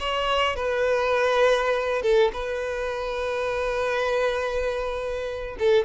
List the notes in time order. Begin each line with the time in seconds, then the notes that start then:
0.00 C#5
0.56 B4
2.02 A4
2.33 B4
5.59 A4